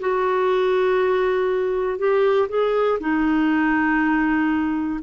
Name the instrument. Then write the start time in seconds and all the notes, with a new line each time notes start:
clarinet
0.00 F#4
1.98 G4
2.48 G#4
3.00 D#4